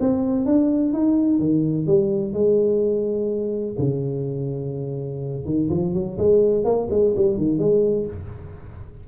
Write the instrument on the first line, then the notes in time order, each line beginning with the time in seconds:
tuba
0.00 C4
0.45 D4
0.93 D#4
1.39 D#3
1.87 G3
2.33 G#3
3.78 C#3
5.45 D#3
5.70 F3
5.94 F#3
6.18 G#3
6.64 A#3
6.90 G#3
7.16 G3
7.37 D#3
7.59 G#3